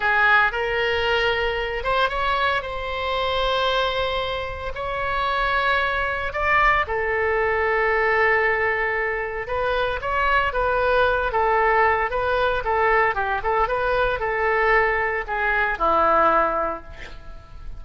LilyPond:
\new Staff \with { instrumentName = "oboe" } { \time 4/4 \tempo 4 = 114 gis'4 ais'2~ ais'8 c''8 | cis''4 c''2.~ | c''4 cis''2. | d''4 a'2.~ |
a'2 b'4 cis''4 | b'4. a'4. b'4 | a'4 g'8 a'8 b'4 a'4~ | a'4 gis'4 e'2 | }